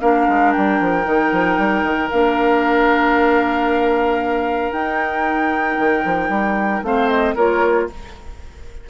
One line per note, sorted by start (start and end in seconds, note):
0.00 0.28 A#3
0.00 1.04 D4
0.00 6.85 A#4
0.00 0.52 F5
0.28 0.55 G#3
0.52 0.80 G3
0.52 2.10 G5
0.80 1.05 F3
1.04 1.32 D#3
1.04 2.09 D#4
1.32 1.58 F3
1.58 1.83 G3
1.83 2.09 D#3
2.10 4.71 A#3
2.10 4.73 D4
2.10 4.73 F5
4.71 5.77 D#4
4.71 6.84 D#4
4.71 6.83 G5
5.78 6.04 D#3
6.05 6.29 F3
6.29 6.82 G3
6.82 7.35 A3
6.82 7.36 C4
6.82 7.35 C5
6.82 7.08 F5
7.08 7.35 D#5
7.35 7.89 A#3
7.35 7.89 F4
7.35 7.87 A#4
7.35 7.89 C#5